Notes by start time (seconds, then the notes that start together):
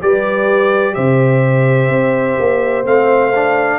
0.00 G3 G4 B4 D5
0.95 C3 C5 E5
1.89 C4
2.39 A#3
2.85 A3 C4 F5
3.35 D4